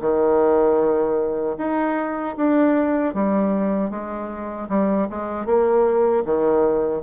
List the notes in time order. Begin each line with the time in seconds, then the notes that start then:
0.00 D#3
1.58 D#4
2.36 D4
3.13 G3
3.90 G#3
4.69 G3
5.09 G#3
5.45 A#3
6.24 D#3